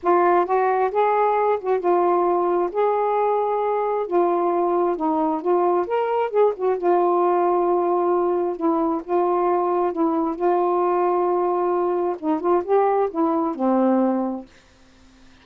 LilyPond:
\new Staff \with { instrumentName = "saxophone" } { \time 4/4 \tempo 4 = 133 f'4 fis'4 gis'4. fis'8 | f'2 gis'2~ | gis'4 f'2 dis'4 | f'4 ais'4 gis'8 fis'8 f'4~ |
f'2. e'4 | f'2 e'4 f'4~ | f'2. dis'8 f'8 | g'4 e'4 c'2 | }